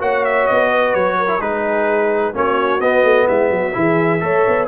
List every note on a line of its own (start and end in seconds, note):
0.00 0.48 A#3
0.00 1.28 F#4
0.00 0.70 C#5
0.00 0.25 F#5
0.25 0.48 E5
0.48 0.95 B3
0.48 0.95 D#5
0.71 1.18 B4
0.95 1.40 F#3
0.95 1.41 C#5
1.19 1.42 A#4
1.28 1.39 E4
1.40 2.34 G#3
1.40 2.34 D#4
1.40 2.36 G#4
1.40 2.35 B4
2.34 2.80 A#3
2.34 2.81 C#4
2.34 3.28 F#4
2.34 2.81 C#5
2.80 3.04 B3
2.80 3.73 B3
2.80 3.28 D#5
3.04 3.27 A3
3.28 3.51 G#3
3.28 3.51 E4
3.28 4.68 E5
3.51 3.74 F#3
3.51 3.77 F#4
3.73 4.23 E3
3.73 4.20 E4
3.73 4.23 G#4
4.21 4.46 A3
4.21 4.68 A4
4.21 4.68 C#5
4.48 4.68 B3